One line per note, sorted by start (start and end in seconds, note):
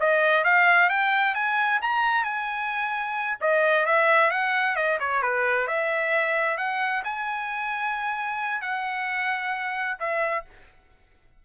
0.00 0.44 D#5
0.44 0.90 F5
0.90 1.35 G5
1.35 1.80 G#5
1.82 2.24 A#5
2.24 3.38 G#5
3.41 3.86 D#5
3.86 4.31 E5
4.31 4.76 F#5
4.76 4.99 D#5
5.00 5.23 C#5
5.23 5.68 B4
5.68 6.58 E5
6.58 7.03 F#5
7.04 8.62 G#5
8.62 9.98 F#5
10.00 10.45 E5